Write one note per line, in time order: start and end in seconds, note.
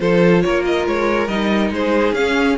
0.00 0.44 F3
0.00 1.29 F4
0.00 0.44 A4
0.00 0.42 C5
0.42 0.87 A#3
0.42 1.73 A#4
0.42 0.64 C#5
0.65 0.87 D#5
0.87 1.28 G#3
0.87 1.28 C#5
1.28 1.71 G3
1.28 2.16 D#4
1.28 1.71 D#5
1.71 2.13 G#3
1.71 2.59 G#4
1.71 2.14 C5
2.13 2.55 C#4
2.13 2.59 C#4
2.13 2.57 F5